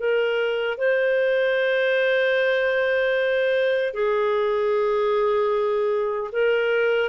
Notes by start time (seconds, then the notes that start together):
0.00 A#4
0.78 C5
3.94 G#4
6.33 A#4